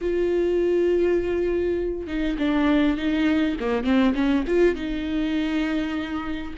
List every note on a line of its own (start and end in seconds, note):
0.01 2.07 F4
2.07 2.36 D#4
2.38 2.97 D4
2.97 3.56 D#4
3.59 3.83 A#3
3.83 4.13 C4
4.14 4.44 C#4
4.47 4.75 F4
4.75 6.53 D#4